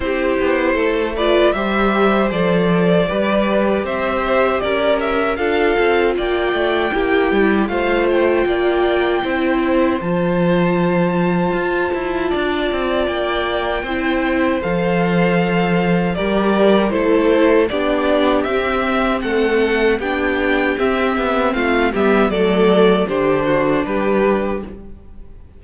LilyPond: <<
  \new Staff \with { instrumentName = "violin" } { \time 4/4 \tempo 4 = 78 c''4. d''8 e''4 d''4~ | d''4 e''4 d''8 e''8 f''4 | g''2 f''8 g''4.~ | g''4 a''2.~ |
a''4 g''2 f''4~ | f''4 d''4 c''4 d''4 | e''4 fis''4 g''4 e''4 | f''8 e''8 d''4 c''4 b'4 | }
  \new Staff \with { instrumentName = "violin" } { \time 4/4 g'4 a'8 b'8 c''2 | b'4 c''4 ais'4 a'4 | d''4 g'4 c''4 d''4 | c''1 |
d''2 c''2~ | c''4 ais'4 a'4 g'4~ | g'4 a'4 g'2 | f'8 g'8 a'4 g'8 fis'8 g'4 | }
  \new Staff \with { instrumentName = "viola" } { \time 4/4 e'4. f'8 g'4 a'4 | g'2. f'4~ | f'4 e'4 f'2 | e'4 f'2.~ |
f'2 e'4 a'4~ | a'4 g'4 e'4 d'4 | c'2 d'4 c'4~ | c'8 b8 a4 d'2 | }
  \new Staff \with { instrumentName = "cello" } { \time 4/4 c'8 b8 a4 g4 f4 | g4 c'4 cis'4 d'8 c'8 | ais8 a8 ais8 g8 a4 ais4 | c'4 f2 f'8 e'8 |
d'8 c'8 ais4 c'4 f4~ | f4 g4 a4 b4 | c'4 a4 b4 c'8 b8 | a8 g8 fis4 d4 g4 | }
>>